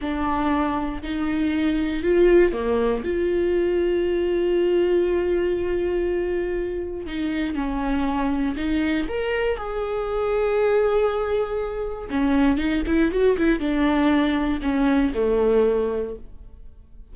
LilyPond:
\new Staff \with { instrumentName = "viola" } { \time 4/4 \tempo 4 = 119 d'2 dis'2 | f'4 ais4 f'2~ | f'1~ | f'2 dis'4 cis'4~ |
cis'4 dis'4 ais'4 gis'4~ | gis'1 | cis'4 dis'8 e'8 fis'8 e'8 d'4~ | d'4 cis'4 a2 | }